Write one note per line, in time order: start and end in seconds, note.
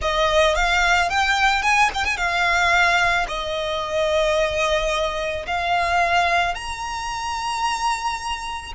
0.01 0.55 D#5
0.55 1.09 F5
1.09 1.62 G5
1.62 1.89 G#5
1.94 2.05 G5
2.05 2.17 G#5
2.17 3.26 F5
3.28 5.46 D#5
5.47 6.54 F5
6.54 8.72 A#5